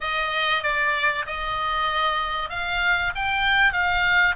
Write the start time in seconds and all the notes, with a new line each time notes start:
0.01 D#5
0.63 D5
1.26 D#5
2.49 F5
3.15 G5
3.72 F5